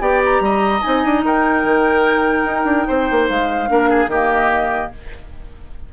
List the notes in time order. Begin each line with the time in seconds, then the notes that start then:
0.00 B3 G4 D5 G5
0.24 A#5
0.40 G3 D#5
0.81 C4 D#4 G#5
1.05 D4
1.23 D#4 A#4 G5
1.64 D#3
2.45 D#4
2.65 D4
2.87 C4 C5
3.11 A#3
3.29 G#3 F5
3.67 A#3 D4 A#4
3.89 G#4
4.07 D#3 A#3 G4 D#5